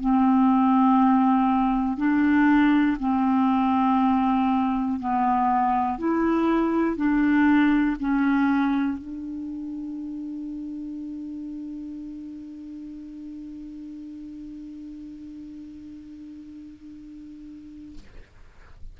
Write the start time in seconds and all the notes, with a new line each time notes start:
0.00 C4
1.97 D4
2.99 C4
5.00 B3
5.98 E4
6.96 D4
8.00 C#4
8.98 D4